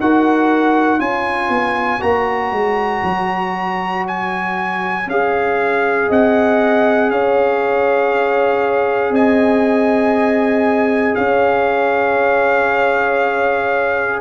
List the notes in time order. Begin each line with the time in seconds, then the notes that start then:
0.00 D#4 F#4 A#4 F#5
0.99 C#4 F4 C#5 G#5
1.49 B3
2.00 A#3 F#4 A#5
2.52 G#3
3.03 F#3
4.07 G#5
5.07 C#4 G#4 F5
6.08 C4 D#5 F#5
7.11 C#4 C#5 F5
9.10 C4 D#5 G#5
11.15 C#4 C#5 F5